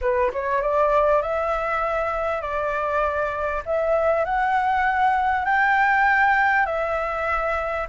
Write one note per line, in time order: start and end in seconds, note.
0.01 0.31 B4
0.32 0.61 C#5
0.61 1.22 D5
1.22 2.41 E5
2.41 3.62 D5
3.65 4.24 E5
4.24 5.45 F#5
5.45 6.66 G5
6.66 7.87 E5